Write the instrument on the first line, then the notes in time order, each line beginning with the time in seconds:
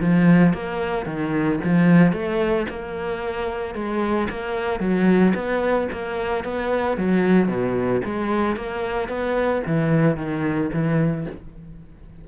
cello
0.00 F3
0.53 A#3
1.06 D#3
1.64 F3
2.12 A3
2.69 A#3
3.75 G#3
4.30 A#3
4.80 F#3
5.34 B3
5.92 A#3
6.44 B3
6.97 F#3
7.48 B2
8.05 G#3
8.56 A#3
9.09 B3
9.66 E3
10.16 D#3
10.73 E3